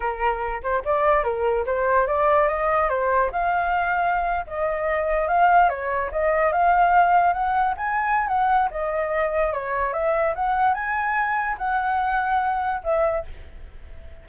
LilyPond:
\new Staff \with { instrumentName = "flute" } { \time 4/4 \tempo 4 = 145 ais'4. c''8 d''4 ais'4 | c''4 d''4 dis''4 c''4 | f''2~ f''8. dis''4~ dis''16~ | dis''8. f''4 cis''4 dis''4 f''16~ |
f''4.~ f''16 fis''4 gis''4~ gis''16 | fis''4 dis''2 cis''4 | e''4 fis''4 gis''2 | fis''2. e''4 | }